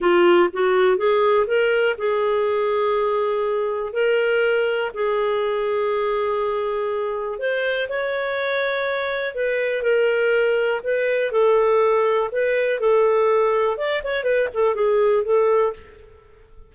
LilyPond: \new Staff \with { instrumentName = "clarinet" } { \time 4/4 \tempo 4 = 122 f'4 fis'4 gis'4 ais'4 | gis'1 | ais'2 gis'2~ | gis'2. c''4 |
cis''2. b'4 | ais'2 b'4 a'4~ | a'4 b'4 a'2 | d''8 cis''8 b'8 a'8 gis'4 a'4 | }